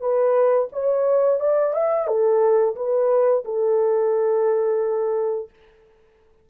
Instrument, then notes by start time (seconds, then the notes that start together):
horn
0.00 B4
0.72 C#5
1.40 D5
1.73 E5
2.07 A4
2.76 B4
3.45 A4